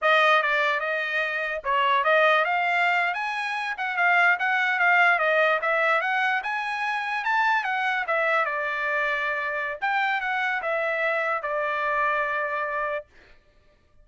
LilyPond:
\new Staff \with { instrumentName = "trumpet" } { \time 4/4 \tempo 4 = 147 dis''4 d''4 dis''2 | cis''4 dis''4 f''4.~ f''16 gis''16~ | gis''4~ gis''16 fis''8 f''4 fis''4 f''16~ | f''8. dis''4 e''4 fis''4 gis''16~ |
gis''4.~ gis''16 a''4 fis''4 e''16~ | e''8. d''2.~ d''16 | g''4 fis''4 e''2 | d''1 | }